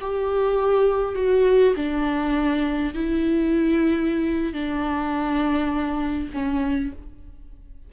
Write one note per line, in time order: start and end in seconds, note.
0.00 1.15 G4
1.15 1.74 F#4
1.76 2.93 D4
2.94 4.53 E4
4.53 6.29 D4
6.33 6.92 C#4